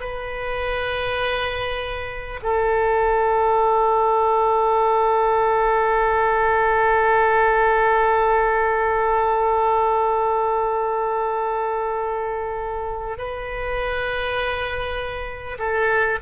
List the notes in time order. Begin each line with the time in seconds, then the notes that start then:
0.00 B4
2.42 A4
13.18 B4
15.58 A4